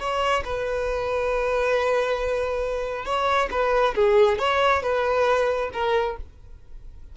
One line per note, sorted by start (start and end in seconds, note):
0.00 0.44 C#5
0.45 3.06 B4
3.06 3.50 C#5
3.52 3.95 B4
3.96 4.39 G#4
4.39 4.83 C#5
4.83 5.71 B4
5.73 6.17 A#4